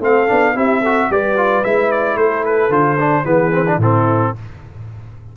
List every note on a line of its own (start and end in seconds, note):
0.00 0.27 A3
0.00 0.28 C4
0.00 0.55 A4
0.00 0.58 F5
0.28 0.56 B3
0.28 0.55 D4
0.55 1.10 C4
0.55 0.82 E4
0.55 0.81 G4
0.55 1.12 E5
0.81 1.11 F#4
0.81 1.08 A4
1.10 1.64 G3
1.10 1.37 G4
1.10 2.19 B4
1.10 1.64 D5
1.37 1.64 F4
1.64 2.16 G#3
1.64 2.71 E4
1.64 1.91 E5
1.91 2.17 D5
2.16 2.70 A3
2.16 3.24 A4
2.16 2.44 C5
2.45 2.72 B4
2.70 3.24 D3
2.70 2.98 F4
2.70 3.26 C5
2.99 3.25 D4
3.24 3.78 E3
3.24 3.52 B3
3.24 3.78 G#4
3.24 3.80 B4
3.52 3.66 C4
3.67 3.81 D4
3.78 4.32 A2
3.78 4.36 C4
3.78 4.34 E4
3.78 4.37 A4